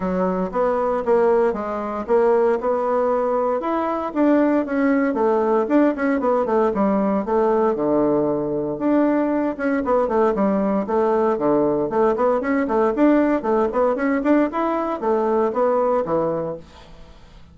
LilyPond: \new Staff \with { instrumentName = "bassoon" } { \time 4/4 \tempo 4 = 116 fis4 b4 ais4 gis4 | ais4 b2 e'4 | d'4 cis'4 a4 d'8 cis'8 | b8 a8 g4 a4 d4~ |
d4 d'4. cis'8 b8 a8 | g4 a4 d4 a8 b8 | cis'8 a8 d'4 a8 b8 cis'8 d'8 | e'4 a4 b4 e4 | }